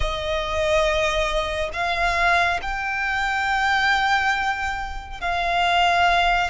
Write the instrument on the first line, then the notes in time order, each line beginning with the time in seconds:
violin
0.00 D#5
1.73 F5
2.62 G5
5.20 F5